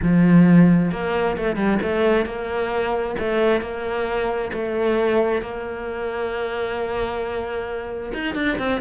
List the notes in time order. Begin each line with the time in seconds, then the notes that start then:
0.02 F3
0.91 A#3
1.37 A3
1.55 G3
1.82 A3
2.25 A#3
3.19 A3
3.61 A#3
4.52 A3
5.41 A#3
8.13 D#4
8.35 D4
8.58 C4